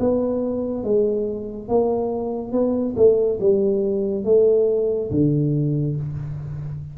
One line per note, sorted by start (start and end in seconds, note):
0.00 0.84 B3
0.84 1.69 G#3
1.69 2.52 A#3
2.52 2.95 B3
2.97 3.40 A3
3.41 4.25 G3
4.25 5.11 A3
5.11 5.97 D3